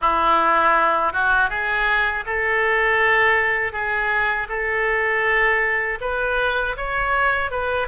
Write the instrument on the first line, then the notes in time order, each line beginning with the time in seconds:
oboe
0.01 E4
1.12 F#4
1.49 G#4
2.25 A4
3.72 G#4
4.48 A4
6.00 B4
6.77 C#5
7.50 B4